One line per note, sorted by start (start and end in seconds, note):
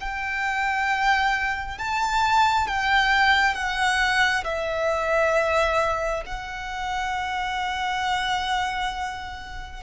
0.00 1.78 G5
1.78 2.67 A5
2.67 3.54 G5
3.54 4.43 F#5
4.44 6.23 E5
6.25 9.83 F#5